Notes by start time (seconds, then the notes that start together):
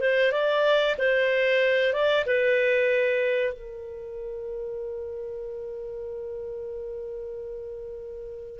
0.00 C5
0.32 D5
0.98 C5
1.93 D5
2.26 B4
3.53 A#4